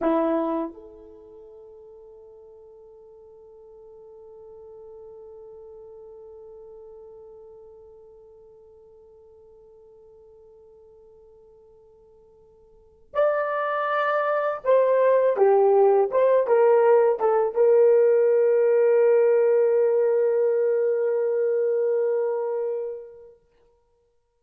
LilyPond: \new Staff \with { instrumentName = "horn" } { \time 4/4 \tempo 4 = 82 e'4 a'2.~ | a'1~ | a'1~ | a'1~ |
a'2 d''2 | c''4 g'4 c''8 ais'4 a'8 | ais'1~ | ais'1 | }